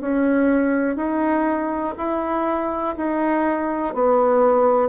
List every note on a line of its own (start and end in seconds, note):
0.00 0.96 C#4
0.96 1.94 D#4
1.97 2.96 E4
2.96 3.94 D#4
3.94 4.89 B3